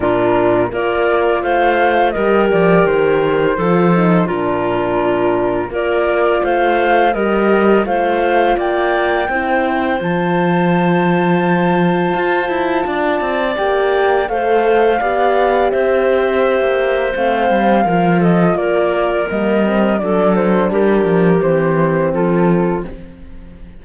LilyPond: <<
  \new Staff \with { instrumentName = "flute" } { \time 4/4 \tempo 4 = 84 ais'4 d''4 f''4 dis''8 d''8 | c''2 ais'2 | d''4 f''4 dis''4 f''4 | g''2 a''2~ |
a''2. g''4 | f''2 e''2 | f''4. dis''8 d''4 dis''4 | d''8 c''8 ais'4 c''4 a'4 | }
  \new Staff \with { instrumentName = "clarinet" } { \time 4/4 f'4 ais'4 c''4 ais'4~ | ais'4 a'4 f'2 | ais'4 c''4 ais'4 c''4 | d''4 c''2.~ |
c''2 d''2 | c''4 d''4 c''2~ | c''4 ais'8 a'8 ais'2 | a'4 g'2 f'4 | }
  \new Staff \with { instrumentName = "horn" } { \time 4/4 d'4 f'2 g'4~ | g'4 f'8 dis'8 d'2 | f'2 g'4 f'4~ | f'4 e'4 f'2~ |
f'2. g'4 | a'4 g'2. | c'4 f'2 ais8 c'8 | d'2 c'2 | }
  \new Staff \with { instrumentName = "cello" } { \time 4/4 ais,4 ais4 a4 g8 f8 | dis4 f4 ais,2 | ais4 a4 g4 a4 | ais4 c'4 f2~ |
f4 f'8 e'8 d'8 c'8 ais4 | a4 b4 c'4~ c'16 ais8. | a8 g8 f4 ais4 g4 | fis4 g8 f8 e4 f4 | }
>>